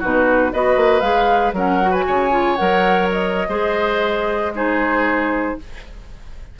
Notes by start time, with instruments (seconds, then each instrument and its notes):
0.00 bassoon B2, clarinet D#4, oboe F#4, flute B4
0.54 bassoon B3, clarinet F#4, oboe B4, flute D#5
0.77 bassoon A#3
1.01 bassoon G#3, clarinet G#4, flute F5
1.53 bassoon F#3, clarinet C#4, oboe A#4, flute F#5
1.82 clarinet F#4
1.91 oboe B4, flute G#5
2.07 bassoon C#3, oboe C#5
2.31 clarinet F4
2.57 bassoon F#3, clarinet A#4, flute F#5
3.12 flute D#5
3.49 bassoon G#3, clarinet G#4, oboe C5
4.55 clarinet D#4, oboe G#4, flute C5